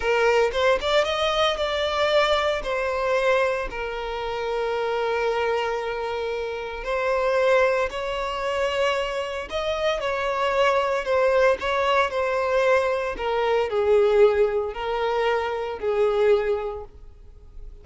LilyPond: \new Staff \with { instrumentName = "violin" } { \time 4/4 \tempo 4 = 114 ais'4 c''8 d''8 dis''4 d''4~ | d''4 c''2 ais'4~ | ais'1~ | ais'4 c''2 cis''4~ |
cis''2 dis''4 cis''4~ | cis''4 c''4 cis''4 c''4~ | c''4 ais'4 gis'2 | ais'2 gis'2 | }